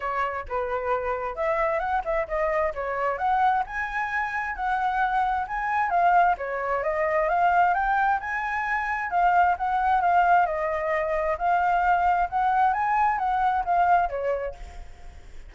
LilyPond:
\new Staff \with { instrumentName = "flute" } { \time 4/4 \tempo 4 = 132 cis''4 b'2 e''4 | fis''8 e''8 dis''4 cis''4 fis''4 | gis''2 fis''2 | gis''4 f''4 cis''4 dis''4 |
f''4 g''4 gis''2 | f''4 fis''4 f''4 dis''4~ | dis''4 f''2 fis''4 | gis''4 fis''4 f''4 cis''4 | }